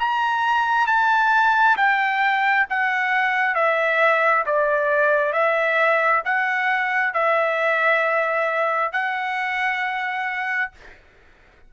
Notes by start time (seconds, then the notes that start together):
0.00 A#5
0.88 A5
1.77 G5
2.70 F#5
3.55 E5
4.47 D5
5.33 E5
6.25 F#5
7.14 E5
8.93 F#5